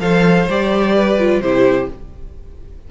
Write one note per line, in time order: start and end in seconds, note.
0.00 0.48 F3
0.00 0.48 A4
0.00 0.95 C5
0.00 0.48 F5
0.48 1.40 G3
0.48 1.19 G4
0.48 1.41 D5
0.95 1.42 B4
1.19 1.43 F4
1.40 1.87 C3
1.40 1.91 E4
1.40 1.90 G4
1.40 1.88 C5